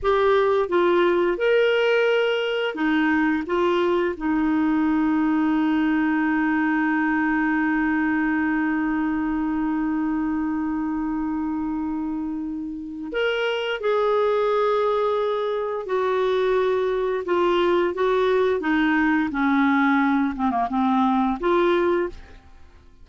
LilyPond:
\new Staff \with { instrumentName = "clarinet" } { \time 4/4 \tempo 4 = 87 g'4 f'4 ais'2 | dis'4 f'4 dis'2~ | dis'1~ | dis'1~ |
dis'2. ais'4 | gis'2. fis'4~ | fis'4 f'4 fis'4 dis'4 | cis'4. c'16 ais16 c'4 f'4 | }